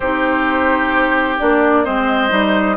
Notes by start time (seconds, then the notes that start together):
0.00 C4 D#4 G4 C5
1.39 A#3 D4 D5
1.84 G#3 C4 C5 D#5
2.29 G3 D#4